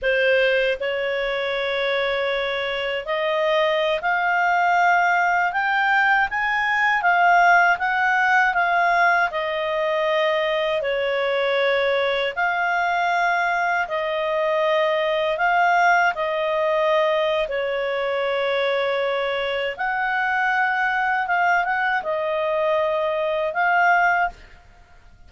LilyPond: \new Staff \with { instrumentName = "clarinet" } { \time 4/4 \tempo 4 = 79 c''4 cis''2. | dis''4~ dis''16 f''2 g''8.~ | g''16 gis''4 f''4 fis''4 f''8.~ | f''16 dis''2 cis''4.~ cis''16~ |
cis''16 f''2 dis''4.~ dis''16~ | dis''16 f''4 dis''4.~ dis''16 cis''4~ | cis''2 fis''2 | f''8 fis''8 dis''2 f''4 | }